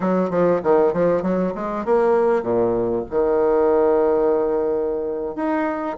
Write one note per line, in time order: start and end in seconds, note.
0.00 0.29 F#3
0.29 0.60 F3
0.63 0.93 D#3
0.93 1.22 F3
1.22 1.53 F#3
1.54 1.85 G#3
1.85 2.42 A#3
2.42 3.04 A#2
3.10 5.35 D#3
5.35 5.97 D#4